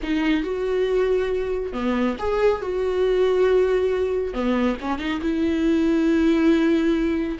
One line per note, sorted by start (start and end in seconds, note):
0.02 0.43 D#4
0.43 1.73 F#4
1.73 2.16 B3
2.18 2.61 G#4
2.61 4.33 F#4
4.33 4.76 B3
4.80 4.98 C#4
4.98 5.20 D#4
5.21 7.38 E4